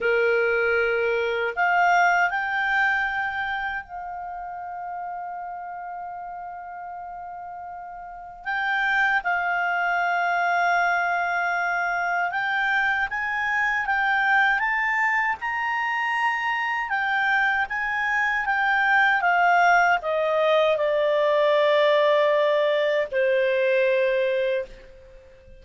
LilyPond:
\new Staff \with { instrumentName = "clarinet" } { \time 4/4 \tempo 4 = 78 ais'2 f''4 g''4~ | g''4 f''2.~ | f''2. g''4 | f''1 |
g''4 gis''4 g''4 a''4 | ais''2 g''4 gis''4 | g''4 f''4 dis''4 d''4~ | d''2 c''2 | }